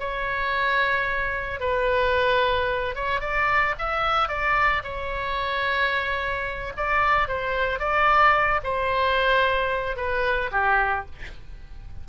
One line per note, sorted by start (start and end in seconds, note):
0.00 1.61 C#5
1.61 2.96 B4
2.96 3.21 C#5
3.21 3.75 D5
3.79 4.29 E5
4.29 4.83 D5
4.84 6.73 C#5
6.77 7.28 D5
7.28 7.80 C5
7.80 8.61 D5
8.64 9.97 C5
9.97 10.51 B4
10.52 11.06 G4